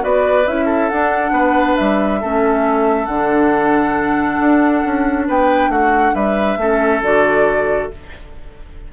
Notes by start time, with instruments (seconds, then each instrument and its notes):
0.00 bassoon B3, clarinet F#4, oboe B4, flute D5
0.47 bassoon C#4, clarinet E4, flute E5
0.65 oboe A4
0.89 bassoon D4, clarinet D4, flute F#5
1.31 bassoon B3, oboe B4
1.76 bassoon G3, flute E5
2.21 bassoon A3, clarinet C#4, oboe A4
3.05 bassoon D3, clarinet D4, flute F#5
4.40 bassoon D4
4.85 bassoon C#4
5.27 bassoon B3, oboe B4, flute G5
5.69 bassoon A3, oboe F#4, flute F#5
6.14 bassoon G3, oboe B4, flute E5
6.57 bassoon A3, clarinet C#4, oboe A4
7.03 bassoon D3, clarinet F#4, flute D5